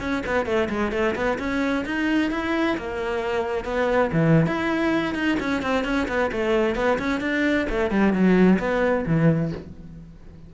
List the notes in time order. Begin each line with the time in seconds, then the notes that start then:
0.00 C#4
0.26 B3
0.46 A3
0.70 G#3
0.92 A3
1.16 B3
1.39 C#4
1.85 D#4
2.31 E4
2.78 A#3
3.65 B3
4.13 E3
4.47 E4
5.15 D#4
5.40 C#4
5.62 C4
5.85 C#4
6.08 B3
6.32 A3
6.76 B3
6.99 C#4
7.21 D4
7.70 A3
7.91 G3
8.13 F#3
8.59 B3
9.06 E3